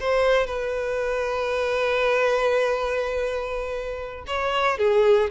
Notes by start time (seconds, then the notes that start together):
0.00 C5
0.46 B4
4.26 C#5
4.78 G#4